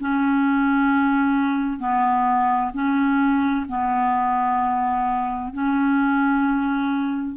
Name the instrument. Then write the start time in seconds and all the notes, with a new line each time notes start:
clarinet
0.00 C#4
1.79 B3
2.74 C#4
3.68 B3
5.53 C#4